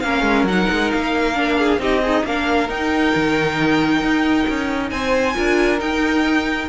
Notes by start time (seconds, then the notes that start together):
0.00 A#3 C#4 A#4 F5
0.22 G#3
0.43 F#3 D#4 F#5
0.70 G#3
0.91 A#3 F5
1.34 D4
1.58 G#4
1.78 C4 D#4 G4 D#5
2.02 D#4 G#4
2.24 A#3 D4 A#4 F5
2.68 D#4 G5
3.15 D#3
4.01 D#4
4.48 C#4
4.90 C4 C5 G#5
5.34 D4 F4 A#4
5.78 D#4 G5